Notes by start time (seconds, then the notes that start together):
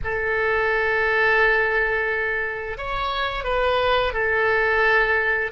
0.03 A4
2.77 C#5
3.44 B4
4.13 A4